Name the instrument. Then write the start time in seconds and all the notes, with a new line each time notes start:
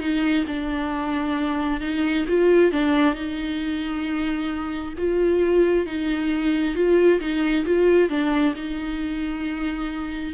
viola
0.00 D#4
0.48 D4
1.81 D#4
2.29 F4
2.72 D4
3.15 D#4
4.98 F4
5.87 D#4
6.75 F4
7.21 D#4
7.66 F4
8.10 D4
8.56 D#4